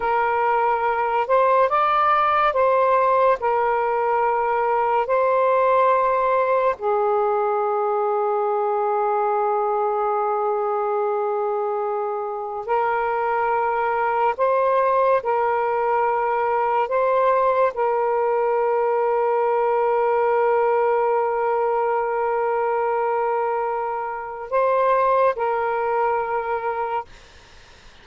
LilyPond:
\new Staff \with { instrumentName = "saxophone" } { \time 4/4 \tempo 4 = 71 ais'4. c''8 d''4 c''4 | ais'2 c''2 | gis'1~ | gis'2. ais'4~ |
ais'4 c''4 ais'2 | c''4 ais'2.~ | ais'1~ | ais'4 c''4 ais'2 | }